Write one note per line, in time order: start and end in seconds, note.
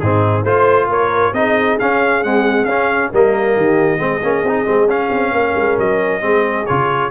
0.00 0.44 G#2
0.00 0.46 C4
0.00 0.43 D#4
0.00 0.44 G#4
0.43 0.87 A3
0.43 1.35 F4
0.43 0.87 C5
0.43 0.90 C5
0.87 1.32 A#3
0.87 1.34 A#4
0.87 1.34 C#5
1.33 1.78 C4
1.33 1.80 D#4
1.33 3.11 G#4
1.33 1.78 D#5
1.80 2.26 C#4
1.80 2.24 C#4
1.80 2.24 F5
2.24 2.68 G#3
2.24 2.66 C4
2.24 2.65 F#5
2.65 3.10 C#4
2.65 3.14 C#4
2.65 3.10 F5
3.11 3.57 G3
3.11 3.98 A#3
3.11 3.56 A#4
3.11 4.90 D#5
3.56 3.99 D#3
3.56 3.99 G4
3.98 4.22 G#3
3.98 4.21 C4
3.98 5.32 G#4
4.24 4.44 A#3
4.24 4.46 C#4
4.44 4.66 C4
4.44 4.66 D#4
4.66 4.87 G#3
4.66 4.88 C4
4.87 5.09 C#4
4.87 6.21 C#4
4.87 5.79 F5
5.11 5.32 C4
5.32 5.54 A#3
5.32 6.22 A#4
5.56 5.78 G#3
5.78 6.22 F#3
5.78 6.66 D#5
6.21 6.67 G#3
6.21 6.66 C4
6.21 7.11 G#4
6.66 7.11 C#3
6.66 7.11 F4
6.66 7.11 C#5